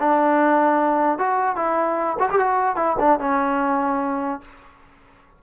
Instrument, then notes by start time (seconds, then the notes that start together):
trombone
0.00 D4
1.18 F#4
1.56 E4
2.19 F#4
2.31 G4
2.39 F#4
2.76 E4
2.99 D4
3.20 C#4